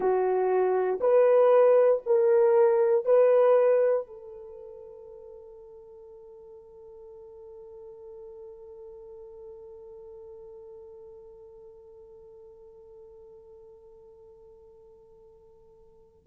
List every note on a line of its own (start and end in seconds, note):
0.00 0.99 F#4
1.00 2.02 B4
2.06 3.05 A#4
3.05 4.06 B4
4.06 16.27 A4